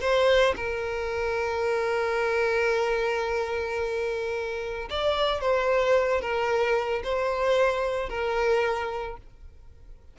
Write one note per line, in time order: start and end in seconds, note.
0.00 0.54 C5
0.56 4.88 A#4
4.89 5.40 D5
5.40 6.21 C5
6.21 7.02 A#4
7.03 8.09 C5
8.09 9.17 A#4